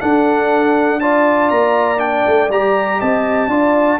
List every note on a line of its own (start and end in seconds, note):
0.00 1.00 D4
0.00 1.50 D4
0.00 1.00 A4
0.00 1.00 F#5
1.00 1.97 F4
1.00 2.99 D5
1.00 1.49 A5
1.49 2.25 A#3
1.49 1.99 A#5
1.97 2.47 D4
1.97 2.49 G5
2.26 2.49 A3
2.49 2.99 G3
2.49 3.49 G4
2.49 3.00 A#5
2.99 3.47 C4
2.99 3.49 D#5
2.99 4.00 A5
3.47 3.97 D4
3.47 3.99 F4
3.47 4.00 D5